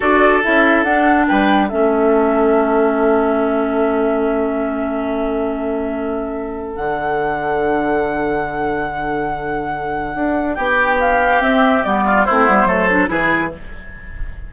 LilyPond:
<<
  \new Staff \with { instrumentName = "flute" } { \time 4/4 \tempo 4 = 142 d''4 e''4 fis''4 g''4 | e''1~ | e''1~ | e''1 |
fis''1~ | fis''1~ | fis''4 g''4 f''4 e''4 | d''4 c''2 b'4 | }
  \new Staff \with { instrumentName = "oboe" } { \time 4/4 a'2. b'4 | a'1~ | a'1~ | a'1~ |
a'1~ | a'1~ | a'4 g'2.~ | g'8 f'8 e'4 a'4 gis'4 | }
  \new Staff \with { instrumentName = "clarinet" } { \time 4/4 fis'4 e'4 d'2 | cis'1~ | cis'1~ | cis'1 |
d'1~ | d'1~ | d'2. c'4 | b4 c'8 b8 a8 d'8 e'4 | }
  \new Staff \with { instrumentName = "bassoon" } { \time 4/4 d'4 cis'4 d'4 g4 | a1~ | a1~ | a1 |
d1~ | d1 | d'4 b2 c'4 | g4 a8 g8 fis4 e4 | }
>>